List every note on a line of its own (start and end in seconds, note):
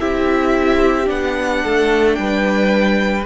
0.00 1.10 C4
0.00 1.05 E4
0.00 1.63 G4
0.00 1.09 E5
1.05 1.64 B3
1.05 3.23 D4
1.05 2.15 F#5
1.63 2.18 A3
1.63 2.18 A4
2.15 3.26 G3
2.15 3.26 B4
2.15 3.24 G5